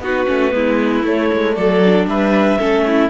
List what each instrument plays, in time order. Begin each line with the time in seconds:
0.00 cello B3, viola D#4, violin F#4, clarinet B4
0.27 cello A3, viola C#4
0.51 cello G#3, viola B3, violin E4
1.04 cello A3, viola A3, clarinet C#5
1.33 cello G#3
1.55 cello F#3, violin A4, clarinet D5
1.85 viola D4
2.06 cello G3, violin B4, clarinet E5
2.58 cello A3, viola C#4, violin A4
2.86 violin E4